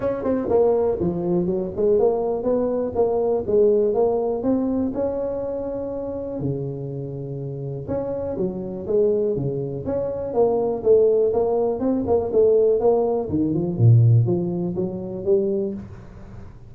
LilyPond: \new Staff \with { instrumentName = "tuba" } { \time 4/4 \tempo 4 = 122 cis'8 c'8 ais4 f4 fis8 gis8 | ais4 b4 ais4 gis4 | ais4 c'4 cis'2~ | cis'4 cis2. |
cis'4 fis4 gis4 cis4 | cis'4 ais4 a4 ais4 | c'8 ais8 a4 ais4 dis8 f8 | ais,4 f4 fis4 g4 | }